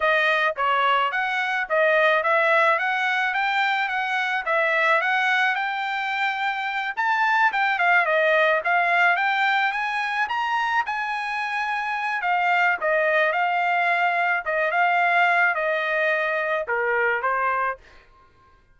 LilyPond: \new Staff \with { instrumentName = "trumpet" } { \time 4/4 \tempo 4 = 108 dis''4 cis''4 fis''4 dis''4 | e''4 fis''4 g''4 fis''4 | e''4 fis''4 g''2~ | g''8 a''4 g''8 f''8 dis''4 f''8~ |
f''8 g''4 gis''4 ais''4 gis''8~ | gis''2 f''4 dis''4 | f''2 dis''8 f''4. | dis''2 ais'4 c''4 | }